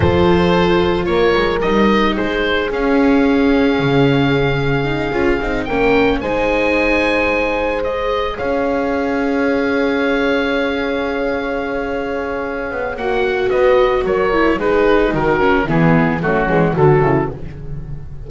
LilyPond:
<<
  \new Staff \with { instrumentName = "oboe" } { \time 4/4 \tempo 4 = 111 c''2 cis''4 dis''4 | c''4 f''2.~ | f''2~ f''8 g''4 gis''8~ | gis''2~ gis''8 dis''4 f''8~ |
f''1~ | f''1 | fis''4 dis''4 cis''4 b'4 | ais'4 gis'4 fis'4 a'4 | }
  \new Staff \with { instrumentName = "horn" } { \time 4/4 a'2 ais'2 | gis'1~ | gis'2~ gis'8 ais'4 c''8~ | c''2.~ c''8 cis''8~ |
cis''1~ | cis''1~ | cis''4 b'4 ais'4 gis'4 | fis'4 e'4 cis'4 fis'8 e'8 | }
  \new Staff \with { instrumentName = "viola" } { \time 4/4 f'2. dis'4~ | dis'4 cis'2.~ | cis'4 dis'8 f'8 dis'8 cis'4 dis'8~ | dis'2~ dis'8 gis'4.~ |
gis'1~ | gis'1 | fis'2~ fis'8 e'8 dis'4~ | dis'8 cis'8 b4 a8 gis8 fis4 | }
  \new Staff \with { instrumentName = "double bass" } { \time 4/4 f2 ais8 gis8 g4 | gis4 cis'2 cis4~ | cis4. cis'8 c'8 ais4 gis8~ | gis2.~ gis8 cis'8~ |
cis'1~ | cis'2.~ cis'8 b8 | ais4 b4 fis4 gis4 | dis4 e4 fis8 e8 d8 cis8 | }
>>